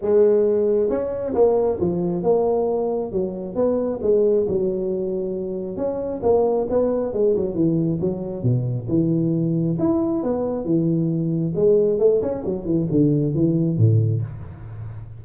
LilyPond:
\new Staff \with { instrumentName = "tuba" } { \time 4/4 \tempo 4 = 135 gis2 cis'4 ais4 | f4 ais2 fis4 | b4 gis4 fis2~ | fis4 cis'4 ais4 b4 |
gis8 fis8 e4 fis4 b,4 | e2 e'4 b4 | e2 gis4 a8 cis'8 | fis8 e8 d4 e4 a,4 | }